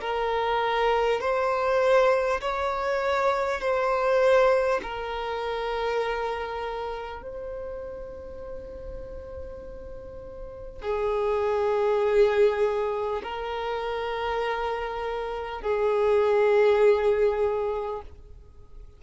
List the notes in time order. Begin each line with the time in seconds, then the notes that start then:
0.00 A#4
1.20 C5
2.41 C#5
3.61 C5
4.82 A#4
7.22 C5
10.82 G#4
13.23 A#4
15.61 G#4